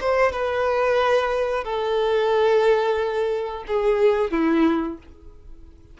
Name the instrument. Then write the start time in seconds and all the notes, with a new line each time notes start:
violin
0.00 C5
0.32 B4
1.64 A4
3.67 G#4
4.31 E4